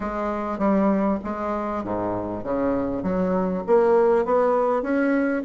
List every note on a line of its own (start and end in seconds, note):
0.00 0.58 G#3
0.58 1.18 G3
1.24 1.84 G#3
1.84 2.43 G#2
2.43 3.02 C#3
3.02 3.63 F#3
3.67 4.25 A#3
4.25 4.82 B3
4.82 5.42 C#4